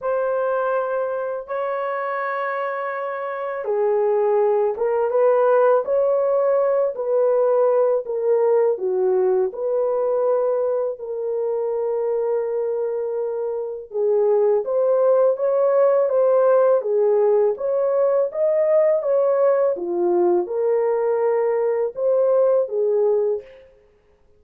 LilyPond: \new Staff \with { instrumentName = "horn" } { \time 4/4 \tempo 4 = 82 c''2 cis''2~ | cis''4 gis'4. ais'8 b'4 | cis''4. b'4. ais'4 | fis'4 b'2 ais'4~ |
ais'2. gis'4 | c''4 cis''4 c''4 gis'4 | cis''4 dis''4 cis''4 f'4 | ais'2 c''4 gis'4 | }